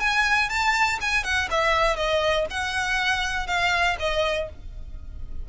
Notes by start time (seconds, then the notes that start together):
0.00 G#5
0.50 A5
1.01 G#5
1.24 F#5
1.51 E5
1.97 D#5
2.50 F#5
3.47 F5
3.99 D#5